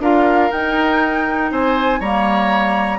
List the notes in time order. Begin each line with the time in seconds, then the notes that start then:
0.00 D4 F4 A#4 F5
0.52 D#4 G5
1.52 C4 C5 G#5
2.00 G3 A#3 C#5 A#5